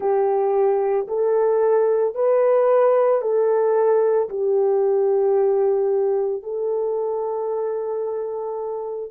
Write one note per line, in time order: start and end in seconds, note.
0.00 1.07 G4
1.07 2.14 A4
2.14 3.21 B4
3.21 4.29 A4
4.29 6.42 G4
6.42 9.10 A4